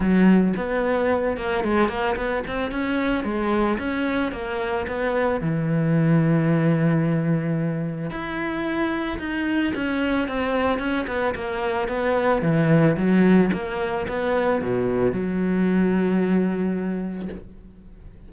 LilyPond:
\new Staff \with { instrumentName = "cello" } { \time 4/4 \tempo 4 = 111 fis4 b4. ais8 gis8 ais8 | b8 c'8 cis'4 gis4 cis'4 | ais4 b4 e2~ | e2. e'4~ |
e'4 dis'4 cis'4 c'4 | cis'8 b8 ais4 b4 e4 | fis4 ais4 b4 b,4 | fis1 | }